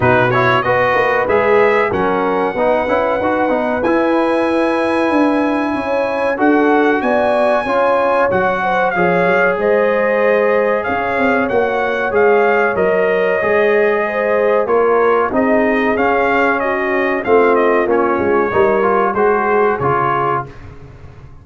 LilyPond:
<<
  \new Staff \with { instrumentName = "trumpet" } { \time 4/4 \tempo 4 = 94 b'8 cis''8 dis''4 e''4 fis''4~ | fis''2 gis''2~ | gis''2 fis''4 gis''4~ | gis''4 fis''4 f''4 dis''4~ |
dis''4 f''4 fis''4 f''4 | dis''2. cis''4 | dis''4 f''4 dis''4 f''8 dis''8 | cis''2 c''4 cis''4 | }
  \new Staff \with { instrumentName = "horn" } { \time 4/4 fis'4 b'2 ais'4 | b'1~ | b'4 cis''4 a'4 d''4 | cis''4. c''8 cis''4 c''4~ |
c''4 cis''2.~ | cis''2 c''4 ais'4 | gis'2 fis'4 f'4~ | f'4 ais'4 gis'2 | }
  \new Staff \with { instrumentName = "trombone" } { \time 4/4 dis'8 e'8 fis'4 gis'4 cis'4 | dis'8 e'8 fis'8 dis'8 e'2~ | e'2 fis'2 | f'4 fis'4 gis'2~ |
gis'2 fis'4 gis'4 | ais'4 gis'2 f'4 | dis'4 cis'2 c'4 | cis'4 dis'8 f'8 fis'4 f'4 | }
  \new Staff \with { instrumentName = "tuba" } { \time 4/4 b,4 b8 ais8 gis4 fis4 | b8 cis'8 dis'8 b8 e'2 | d'4 cis'4 d'4 b4 | cis'4 fis4 f8 fis8 gis4~ |
gis4 cis'8 c'8 ais4 gis4 | fis4 gis2 ais4 | c'4 cis'2 a4 | ais8 gis8 g4 gis4 cis4 | }
>>